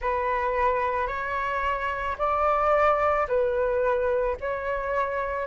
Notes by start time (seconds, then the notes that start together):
0.00 B4
1.07 C#5
2.18 D5
3.27 B4
4.40 C#5